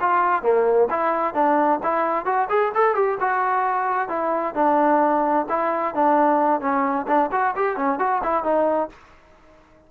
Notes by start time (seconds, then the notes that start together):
0.00 F4
0.42 A#3
0.90 E4
1.34 D4
1.83 E4
2.25 F#4
2.49 G#4
2.75 A4
2.95 G4
3.20 F#4
4.09 E4
4.54 D4
5.49 E4
5.94 D4
6.61 C#4
7.07 D4
7.32 F#4
7.56 G4
7.77 C#4
7.99 F#4
8.23 E4
8.44 D#4